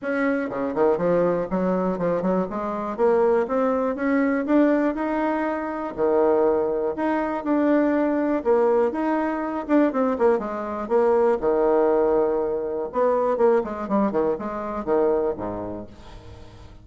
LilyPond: \new Staff \with { instrumentName = "bassoon" } { \time 4/4 \tempo 4 = 121 cis'4 cis8 dis8 f4 fis4 | f8 fis8 gis4 ais4 c'4 | cis'4 d'4 dis'2 | dis2 dis'4 d'4~ |
d'4 ais4 dis'4. d'8 | c'8 ais8 gis4 ais4 dis4~ | dis2 b4 ais8 gis8 | g8 dis8 gis4 dis4 gis,4 | }